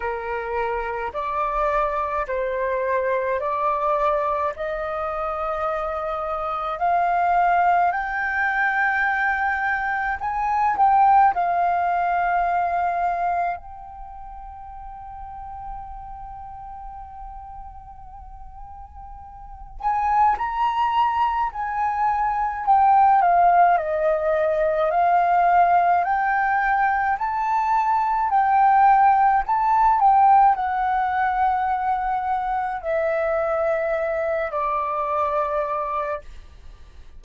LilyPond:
\new Staff \with { instrumentName = "flute" } { \time 4/4 \tempo 4 = 53 ais'4 d''4 c''4 d''4 | dis''2 f''4 g''4~ | g''4 gis''8 g''8 f''2 | g''1~ |
g''4. gis''8 ais''4 gis''4 | g''8 f''8 dis''4 f''4 g''4 | a''4 g''4 a''8 g''8 fis''4~ | fis''4 e''4. d''4. | }